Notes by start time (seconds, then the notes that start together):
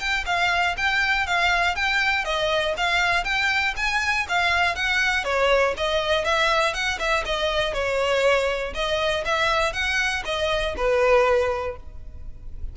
0.00 G5
0.26 F5
0.77 G5
1.27 F5
1.76 G5
2.25 D#5
2.78 F5
3.25 G5
3.77 G#5
4.29 F5
4.76 F#5
5.25 C#5
5.78 D#5
6.25 E5
6.74 F#5
7.00 E5
7.26 D#5
7.74 C#5
8.75 D#5
9.26 E5
9.73 F#5
10.26 D#5
10.77 B4